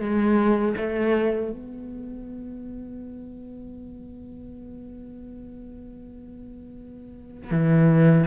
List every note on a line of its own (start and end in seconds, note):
0.00 0.75 G#3
0.77 1.51 A3
1.51 7.51 B3
7.51 8.26 E3